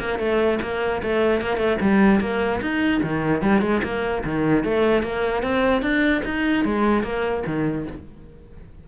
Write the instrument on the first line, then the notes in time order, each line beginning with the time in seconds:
cello
0.00 A#3
0.19 A3
0.62 A#3
1.03 A3
1.41 A#3
1.57 A3
1.81 G3
2.21 A#3
2.61 D#4
3.03 D#3
3.42 G3
3.61 G#3
3.83 A#3
4.25 D#3
4.64 A3
5.03 A#3
5.43 C4
5.82 D4
6.25 D#4
6.65 G#3
7.03 A#3
7.47 D#3